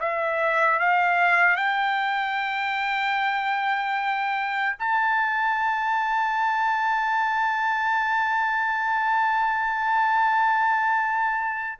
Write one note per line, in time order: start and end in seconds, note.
0.00 0.80 E5
0.80 1.56 F5
1.56 4.76 G5
4.79 11.79 A5